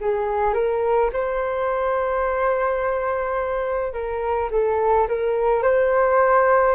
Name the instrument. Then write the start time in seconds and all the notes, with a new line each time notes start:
flute
0.00 G#4
0.54 A#4
1.13 C5
3.93 A#4
4.51 A4
5.08 A#4
5.63 C5